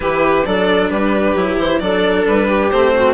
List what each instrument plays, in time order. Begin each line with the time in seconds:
0.00 bassoon E3, cello E4, viola G4, violin B4
0.45 bassoon F#3, cello D4, viola A4, violin D5
0.89 bassoon G3, viola G4, violin B4
1.35 bassoon F#3, cello E4
1.56 bassoon E3, violin C5
1.79 bassoon F#3, cello D4, viola A4, violin D5
2.27 bassoon G3, violin B4
2.47 viola G4
2.70 bassoon A3, cello C4, violin C5
2.95 viola F#4